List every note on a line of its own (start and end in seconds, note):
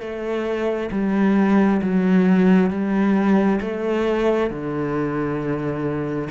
0.00 0.90 A3
0.91 1.81 G3
1.82 2.70 F#3
2.70 3.60 G3
3.61 4.50 A3
4.50 6.29 D3